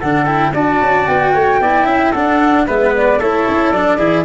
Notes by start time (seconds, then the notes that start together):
0.00 D3 D4 A4 F#5
0.26 E4 G5
0.54 D4 F#4 D5 A5
0.81 C#4
1.07 B3 G5
1.34 A3 C#5
1.61 B3 E4 D5
1.84 C#4 E5
2.12 D4 A4 F#5
2.66 G#3 B3 B4 E5
2.96 D5
3.19 A3 E4 A4 C#5
3.48 C#4
3.71 F#3 D4 D5
3.98 E3 E4 G#4